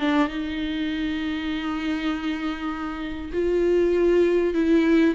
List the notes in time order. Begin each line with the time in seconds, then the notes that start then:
0.00 D4
0.28 D#4
3.33 F4
4.54 E4